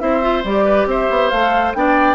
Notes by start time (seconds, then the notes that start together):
0.00 C4 E4 C5 E5
0.21 F4
0.44 G3 G4 D5
0.65 B4
0.86 C4 C5 E5
1.10 B3
1.29 A3 A4 F5
1.74 B3 D4 D5 G5